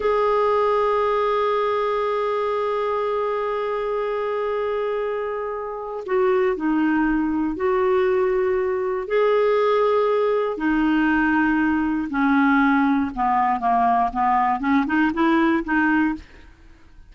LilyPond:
\new Staff \with { instrumentName = "clarinet" } { \time 4/4 \tempo 4 = 119 gis'1~ | gis'1~ | gis'1 | fis'4 dis'2 fis'4~ |
fis'2 gis'2~ | gis'4 dis'2. | cis'2 b4 ais4 | b4 cis'8 dis'8 e'4 dis'4 | }